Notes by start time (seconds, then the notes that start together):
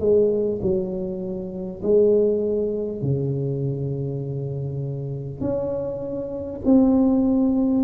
0.00 G#3
0.62 F#3
1.83 G#3
3.02 C#3
5.41 C#4
6.65 C4